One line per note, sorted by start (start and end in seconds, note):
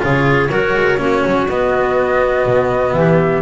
0.00 0.49 C#3
0.00 0.49 F4
0.00 0.50 G#4
0.00 1.48 C#5
0.49 0.74 F#3
0.49 0.98 F#4
0.49 0.99 A#4
0.74 0.98 G#3
0.98 1.23 A#3
0.98 1.46 C#4
0.98 2.95 F#4
1.26 1.49 F#3
1.48 2.45 B3
1.48 3.42 B3
1.48 2.93 D#5
2.45 2.93 B2
2.93 3.42 E3
2.93 3.42 G4
2.93 3.42 E5